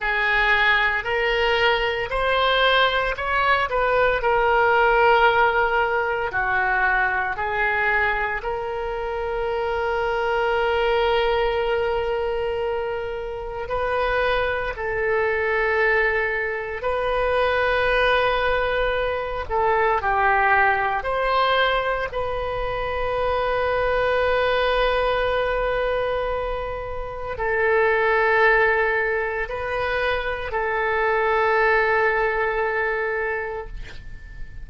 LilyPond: \new Staff \with { instrumentName = "oboe" } { \time 4/4 \tempo 4 = 57 gis'4 ais'4 c''4 cis''8 b'8 | ais'2 fis'4 gis'4 | ais'1~ | ais'4 b'4 a'2 |
b'2~ b'8 a'8 g'4 | c''4 b'2.~ | b'2 a'2 | b'4 a'2. | }